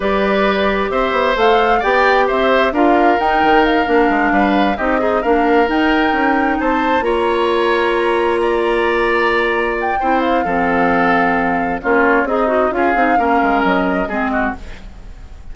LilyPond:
<<
  \new Staff \with { instrumentName = "flute" } { \time 4/4 \tempo 4 = 132 d''2 e''4 f''4 | g''4 e''4 f''4 g''4 | f''2~ f''8 dis''4 f''8~ | f''8 g''2 a''4 ais''8~ |
ais''1~ | ais''4. g''4 f''4.~ | f''2 cis''4 dis''4 | f''2 dis''2 | }
  \new Staff \with { instrumentName = "oboe" } { \time 4/4 b'2 c''2 | d''4 c''4 ais'2~ | ais'4. b'4 g'8 dis'8 ais'8~ | ais'2~ ais'8 c''4 cis''8~ |
cis''2~ cis''8 d''4.~ | d''2 c''4 a'4~ | a'2 f'4 dis'4 | gis'4 ais'2 gis'8 fis'8 | }
  \new Staff \with { instrumentName = "clarinet" } { \time 4/4 g'2. a'4 | g'2 f'4 dis'4~ | dis'8 d'2 dis'8 gis'8 d'8~ | d'8 dis'2. f'8~ |
f'1~ | f'2 e'4 c'4~ | c'2 cis'4 gis'8 fis'8 | f'8 dis'8 cis'2 c'4 | }
  \new Staff \with { instrumentName = "bassoon" } { \time 4/4 g2 c'8 b8 a4 | b4 c'4 d'4 dis'8 dis8~ | dis8 ais8 gis8 g4 c'4 ais8~ | ais8 dis'4 cis'4 c'4 ais8~ |
ais1~ | ais2 c'4 f4~ | f2 ais4 c'4 | cis'8 c'8 ais8 gis8 fis4 gis4 | }
>>